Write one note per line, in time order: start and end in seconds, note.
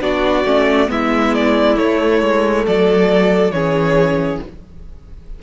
0.00 0.45 B3
0.00 0.44 D4
0.00 0.90 F#4
0.00 0.90 D5
0.45 0.89 A3
0.45 0.87 C#4
0.87 1.78 G#3
0.87 1.75 B3
0.87 2.66 E4
0.87 1.35 E5
1.35 1.78 D5
1.75 3.52 A3
1.75 2.22 A3
1.75 2.66 C#5
2.22 2.66 G#3
2.66 3.51 F#3
2.66 3.54 A4
2.66 3.51 D5
3.51 4.39 E3
3.51 4.42 C#4
3.51 4.43 G#4
3.51 4.40 C#5